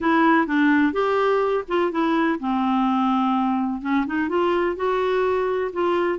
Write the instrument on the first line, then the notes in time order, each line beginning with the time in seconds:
clarinet
0.00 E4
0.47 D4
0.92 G4
1.68 F4
1.91 E4
2.39 C4
3.81 C#4
4.06 D#4
4.29 F4
4.76 F#4
5.73 F4